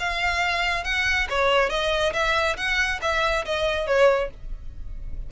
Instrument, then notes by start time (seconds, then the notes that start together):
violin
0.00 F5
0.85 F#5
1.30 C#5
1.70 D#5
2.14 E5
2.57 F#5
3.02 E5
3.46 D#5
3.87 C#5